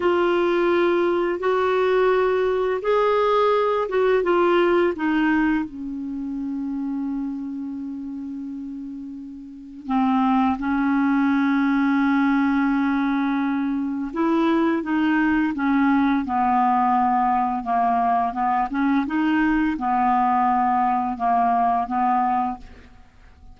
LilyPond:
\new Staff \with { instrumentName = "clarinet" } { \time 4/4 \tempo 4 = 85 f'2 fis'2 | gis'4. fis'8 f'4 dis'4 | cis'1~ | cis'2 c'4 cis'4~ |
cis'1 | e'4 dis'4 cis'4 b4~ | b4 ais4 b8 cis'8 dis'4 | b2 ais4 b4 | }